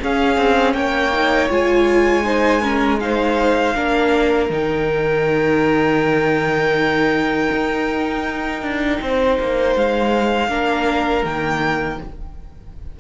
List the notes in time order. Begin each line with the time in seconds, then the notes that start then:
0.00 C#4 G#4 F5
0.37 C4
0.74 A#3 C#5 G5
1.13 D#4
1.50 G#3 F4 G#5
2.24 D#4 C5
2.62 C#4 A#4
3.00 D#4 C5 F5
3.75 A#3 D4 A#4
4.50 D#3 D#4 G5
7.53 D#4
8.62 D4
9.02 C4 C5
9.40 A#3
9.76 G#3 F5
10.49 A#3 D4 A#4
11.25 D#3 A#3 G5